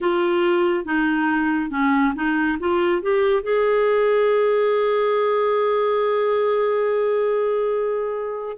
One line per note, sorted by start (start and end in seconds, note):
0.00 0.85 F4
0.85 1.70 D#4
1.70 2.13 C#4
2.15 2.58 D#4
2.59 3.02 F4
3.02 3.42 G4
3.42 8.57 G#4